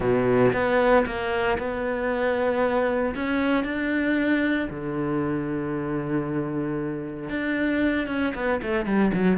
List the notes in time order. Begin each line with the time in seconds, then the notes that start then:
0.00 B2
0.53 B3
1.06 A#3
1.58 B3
3.15 C#4
3.64 D4
4.70 D3
7.29 D4
8.07 C#4
8.35 B3
8.62 A3
8.85 G3
9.13 F#3